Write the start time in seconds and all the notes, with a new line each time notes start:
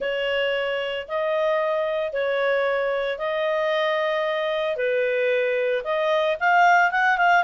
0.00 C#5
1.08 D#5
2.12 C#5
3.18 D#5
4.76 B4
5.84 D#5
6.40 F5
6.91 F#5
7.17 F5